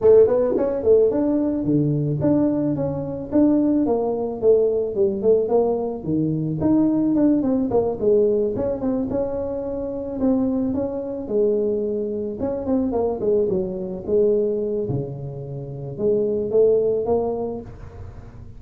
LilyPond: \new Staff \with { instrumentName = "tuba" } { \time 4/4 \tempo 4 = 109 a8 b8 cis'8 a8 d'4 d4 | d'4 cis'4 d'4 ais4 | a4 g8 a8 ais4 dis4 | dis'4 d'8 c'8 ais8 gis4 cis'8 |
c'8 cis'2 c'4 cis'8~ | cis'8 gis2 cis'8 c'8 ais8 | gis8 fis4 gis4. cis4~ | cis4 gis4 a4 ais4 | }